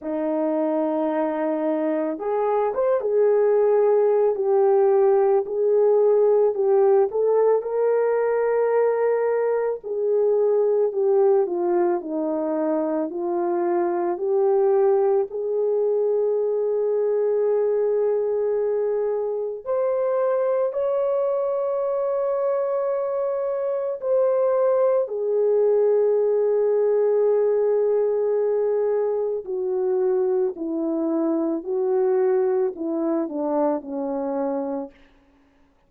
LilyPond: \new Staff \with { instrumentName = "horn" } { \time 4/4 \tempo 4 = 55 dis'2 gis'8 c''16 gis'4~ gis'16 | g'4 gis'4 g'8 a'8 ais'4~ | ais'4 gis'4 g'8 f'8 dis'4 | f'4 g'4 gis'2~ |
gis'2 c''4 cis''4~ | cis''2 c''4 gis'4~ | gis'2. fis'4 | e'4 fis'4 e'8 d'8 cis'4 | }